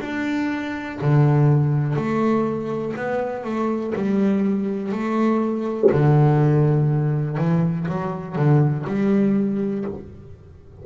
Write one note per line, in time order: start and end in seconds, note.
0.00 0.98 D4
1.01 1.95 D3
1.95 2.94 A3
2.96 3.44 B3
3.44 3.93 A3
3.95 4.92 G3
4.92 5.90 A3
5.91 7.37 D3
7.37 7.86 E3
7.88 8.35 F#3
8.35 8.84 D3
8.86 9.85 G3